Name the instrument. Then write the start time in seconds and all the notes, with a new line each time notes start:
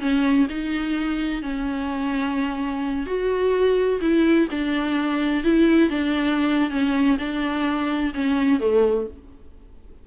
viola
0.00 C#4
0.49 D#4
1.42 C#4
3.06 F#4
4.01 E4
4.51 D4
5.44 E4
5.90 D4
6.70 C#4
7.19 D4
8.14 C#4
8.60 A3